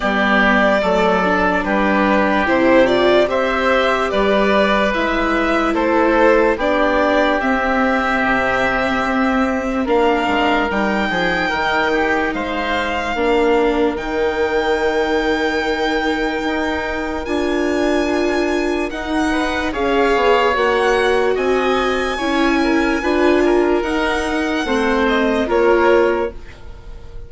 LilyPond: <<
  \new Staff \with { instrumentName = "violin" } { \time 4/4 \tempo 4 = 73 d''2 b'4 c''8 d''8 | e''4 d''4 e''4 c''4 | d''4 e''2. | f''4 g''2 f''4~ |
f''4 g''2.~ | g''4 gis''2 fis''4 | f''4 fis''4 gis''2~ | gis''4 fis''4. dis''8 cis''4 | }
  \new Staff \with { instrumentName = "oboe" } { \time 4/4 g'4 a'4 g'2 | c''4 b'2 a'4 | g'1 | ais'4. gis'8 ais'8 g'8 c''4 |
ais'1~ | ais'2.~ ais'8 b'8 | cis''2 dis''4 cis''8 ais'8 | b'8 ais'4. c''4 ais'4 | }
  \new Staff \with { instrumentName = "viola" } { \time 4/4 b4 a8 d'4. e'8 f'8 | g'2 e'2 | d'4 c'2. | d'4 dis'2. |
d'4 dis'2.~ | dis'4 f'2 dis'4 | gis'4 fis'2 e'4 | f'4 dis'4 c'4 f'4 | }
  \new Staff \with { instrumentName = "bassoon" } { \time 4/4 g4 fis4 g4 c4 | c'4 g4 gis4 a4 | b4 c'4 c4 c'4 | ais8 gis8 g8 f8 dis4 gis4 |
ais4 dis2. | dis'4 d'2 dis'4 | cis'8 b8 ais4 c'4 cis'4 | d'4 dis'4 a4 ais4 | }
>>